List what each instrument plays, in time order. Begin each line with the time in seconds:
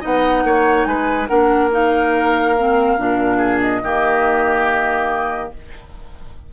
0.00 bassoon B3, clarinet D#4, oboe D#5, flute F#5
0.43 bassoon A#3, oboe C#5
0.85 bassoon G#3, oboe B4, flute G#5
1.27 bassoon A#3, clarinet D4, oboe A#4, flute F#5
1.71 clarinet D#4, flute F5
2.58 clarinet C4
2.97 bassoon A#2, clarinet D4
3.37 oboe G#4
3.60 flute D#5
3.82 bassoon D#3, clarinet A#3, oboe G4